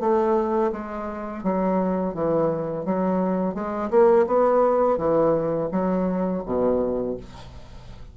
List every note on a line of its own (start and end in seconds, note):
0.00 0.71 A3
0.72 1.43 G#3
1.43 2.14 F#3
2.14 2.85 E3
2.85 3.55 F#3
3.55 3.90 G#3
3.91 4.26 A#3
4.27 4.98 B3
4.98 5.69 E3
5.71 6.43 F#3
6.46 7.17 B2